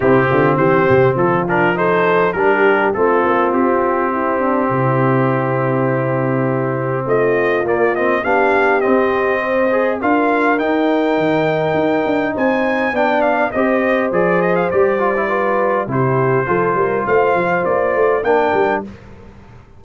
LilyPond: <<
  \new Staff \with { instrumentName = "trumpet" } { \time 4/4 \tempo 4 = 102 g'4 c''4 a'8 ais'8 c''4 | ais'4 a'4 g'2~ | g'1 | dis''4 d''8 dis''8 f''4 dis''4~ |
dis''4 f''4 g''2~ | g''4 gis''4 g''8 f''8 dis''4 | d''8 dis''16 f''16 d''2 c''4~ | c''4 f''4 d''4 g''4 | }
  \new Staff \with { instrumentName = "horn" } { \time 4/4 e'8 f'8 g'4 f'4 a'4 | g'4 f'2 e'8 d'8 | e'1 | f'2 g'2 |
c''4 ais'2.~ | ais'4 c''4 d''4 c''4~ | c''2 b'4 g'4 | a'8 ais'8 c''2 ais'4 | }
  \new Staff \with { instrumentName = "trombone" } { \time 4/4 c'2~ c'8 d'8 dis'4 | d'4 c'2.~ | c'1~ | c'4 ais8 c'8 d'4 c'4~ |
c'8 gis'8 f'4 dis'2~ | dis'2 d'4 g'4 | gis'4 g'8 f'16 e'16 f'4 e'4 | f'2. d'4 | }
  \new Staff \with { instrumentName = "tuba" } { \time 4/4 c8 d8 e8 c8 f2 | g4 a8 ais8 c'2 | c1 | a4 ais4 b4 c'4~ |
c'4 d'4 dis'4 dis4 | dis'8 d'8 c'4 b4 c'4 | f4 g2 c4 | f8 g8 a8 f8 ais8 a8 ais8 g8 | }
>>